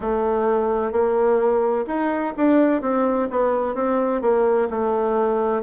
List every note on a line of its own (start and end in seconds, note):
0.00 0.92 A3
0.92 1.85 A#3
1.86 2.33 D#4
2.37 2.81 D4
2.81 3.28 C4
3.30 3.75 B3
3.75 4.21 C4
4.21 4.68 A#3
4.70 5.62 A3